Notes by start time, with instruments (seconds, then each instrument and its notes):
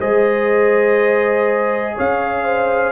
0.00 tuba G#3, trombone G#4, horn C5, trumpet D#5
1.95 tuba C#4, horn C#5, trumpet F5
2.44 horn C5